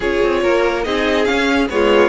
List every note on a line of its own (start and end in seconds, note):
0.00 0.21 C#4
0.00 0.83 F4
0.00 0.41 G#4
0.00 0.83 C#5
0.24 0.44 C4
0.43 0.86 A#3
0.43 0.85 A#4
0.83 1.28 C4
0.83 1.24 D#4
0.83 1.69 G#4
0.83 1.25 D#5
1.24 1.67 C#4
1.24 1.69 C#4
1.24 1.67 F5
1.69 2.09 G#3
1.69 2.09 B3
1.69 2.09 F4
1.69 2.09 C#5